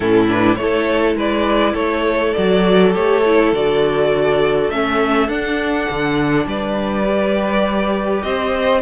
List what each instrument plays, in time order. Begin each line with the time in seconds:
0.00 cello A2, viola C#4, violin E4 A4
0.28 viola D4, violin B4
0.55 cello A3, viola E4, violin A4 C#5
1.15 cello G#3, violin B4 D5
1.73 cello A3, violin A4 C#5
2.33 cello F#3, viola F#4, violin D5
2.93 cello A3, viola G4, violin C#5
3.25 viola E4
3.52 cello D3, viola F#4, violin D5
4.70 cello A3, viola C#4, violin E5
5.27 viola D4, cello D4, violin F#5
5.89 cello D3
6.46 cello G3, violin B4 D5
7.04 viola G4
8.22 cello C4, violin C5 D#5